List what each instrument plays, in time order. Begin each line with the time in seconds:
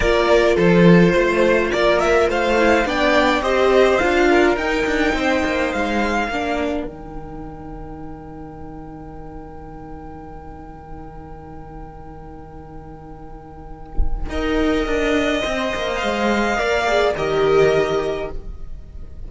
0.00 cello A#3, viola F4, violin A#4 D5
0.55 cello F3, violin A4 C5
1.12 cello A3, violin C5
1.71 cello A#3, violin A#4 D5
1.99 violin E5
2.28 cello A3, violin C5 F5
2.58 viola E4
2.85 cello B3, viola D4, violin D5 G5
3.42 cello C4, viola G4, violin C5 D#5
3.98 cello D4, viola F4, violin F5
4.29 violin A#4
4.56 cello D#4, viola D#4, violin G5
4.86 cello D4
5.13 cello C4, violin C5
5.45 cello A#3
5.72 cello G#3, violin F5
6.28 cello A#3, viola D4, violin A#4
6.84 cello D#3, viola D#4, violin G5
14.29 cello D#4, viola A#4, violin D#5
14.86 cello D4
15.41 cello C4, viola C5
15.74 cello A#3
15.96 cello G#3, violin F5
16.55 cello A#3, viola A#4, violin D5
16.86 viola G#4
17.14 cello D#3, viola G4, violin A#4 D#5